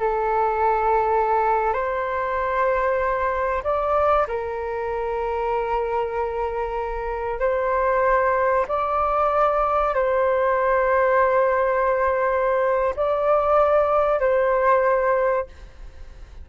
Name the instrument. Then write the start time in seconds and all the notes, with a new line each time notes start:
flute
0.00 A4
1.73 C5
3.63 D5
4.27 A#4
7.40 C5
8.68 D5
9.94 C5
12.96 D5
14.20 C5